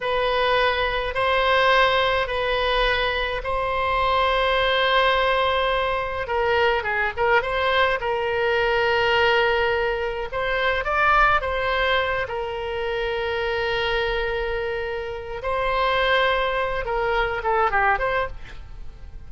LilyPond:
\new Staff \with { instrumentName = "oboe" } { \time 4/4 \tempo 4 = 105 b'2 c''2 | b'2 c''2~ | c''2. ais'4 | gis'8 ais'8 c''4 ais'2~ |
ais'2 c''4 d''4 | c''4. ais'2~ ais'8~ | ais'2. c''4~ | c''4. ais'4 a'8 g'8 c''8 | }